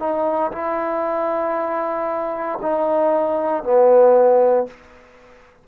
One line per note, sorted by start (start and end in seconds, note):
0.00 0.52 D#4
0.52 2.59 E4
2.62 3.64 D#4
3.64 4.67 B3